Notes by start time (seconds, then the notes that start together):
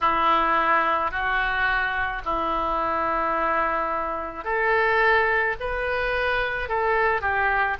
0.01 E4
1.11 F#4
2.24 E4
4.44 A4
5.60 B4
6.68 A4
7.21 G4